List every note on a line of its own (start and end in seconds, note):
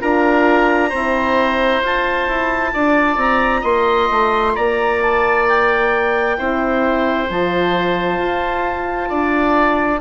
0.00 0.93 D4
0.00 0.91 F4
0.00 0.89 A#4
0.00 1.83 A#5
0.89 1.82 C4
0.89 1.82 E4
0.89 2.71 C5
1.82 2.28 F4
1.82 6.37 F4
1.82 3.20 A5
2.28 2.73 E4
2.73 3.17 D4
2.73 3.61 D5
3.17 3.62 C4
3.17 3.64 A#5
3.61 4.09 A#3
3.61 4.52 D#5
3.61 4.55 C6
4.10 4.56 A3
4.55 6.39 A#3
4.55 6.37 D5
4.55 5.01 A#5
5.01 5.47 A5
5.48 7.30 G5
6.37 7.30 C4
6.37 7.28 E4
6.37 9.09 C5
7.29 8.19 F3
7.29 10.01 F4
7.29 10.01 A5
8.19 9.09 F4
9.09 10.01 D4
9.09 10.00 D5